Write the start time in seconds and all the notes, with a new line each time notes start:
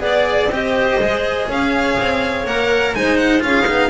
0.00 B3 G#4 D5
0.07 D5
0.48 C4 G4 C5 D#5
0.99 G#3 G#4
1.49 C#4 C#5 F5
1.99 C4
2.46 A#3 A#4 F#5
2.95 G#3 D#4 C5 G#5
3.17 F#5
3.40 C#4 F4 F5
3.46 G#4
3.67 B3 D#4